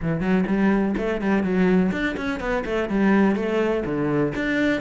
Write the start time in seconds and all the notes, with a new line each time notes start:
0.01 E3
0.20 F#3
0.46 G3
0.97 A3
1.21 G3
1.43 F#3
1.91 D4
2.16 C#4
2.40 B3
2.65 A3
2.89 G3
3.35 A3
3.85 D3
4.35 D4